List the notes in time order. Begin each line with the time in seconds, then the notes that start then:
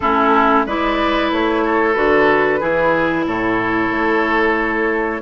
0.00 A3 C#4 E4 A4
0.66 G#3 E4 B4 D5
1.31 A3 C#5
1.64 A4
1.93 D3 F#4 B4
2.60 E3 E4 G#4
3.25 A2 A4 C#5
3.91 A3